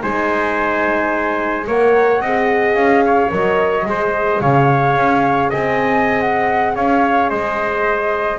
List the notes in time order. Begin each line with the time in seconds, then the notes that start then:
0.00 G#3 D#4 C5 G#5
1.67 A#3 A#4 C#5 F#5
2.20 C4 G#4 D#5
2.75 C#4 F5
3.06 C#5
3.31 F#3 A#4 D#5
3.86 G#3 G#4 C5
4.40 C#3 C#5 F5
4.96 C#4
5.50 C4 D#5 G#5
6.21 F#5
6.75 C#4 C#5 F5
7.30 G#3 C5 D#5